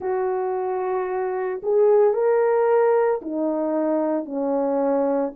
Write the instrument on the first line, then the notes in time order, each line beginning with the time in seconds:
horn
0.00 F#4
1.63 G#4
2.13 A#4
3.21 D#4
4.25 C#4